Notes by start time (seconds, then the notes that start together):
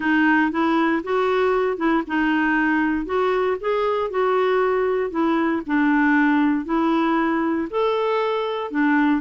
0.00 D#4
0.51 E4
1.03 F#4
1.77 E4
2.07 D#4
3.05 F#4
3.60 G#4
4.10 F#4
5.10 E4
5.66 D4
6.65 E4
7.70 A4
8.70 D4